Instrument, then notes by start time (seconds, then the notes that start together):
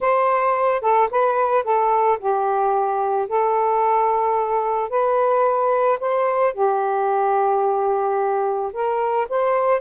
saxophone
0.00 C5
0.81 A4
1.10 B4
1.64 A4
2.19 G4
3.28 A4
4.89 B4
6.00 C5
6.53 G4
8.72 A#4
9.29 C5